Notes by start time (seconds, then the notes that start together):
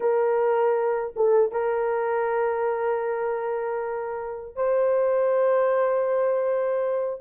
0.00 A#4
1.16 A4
1.51 A#4
4.55 C5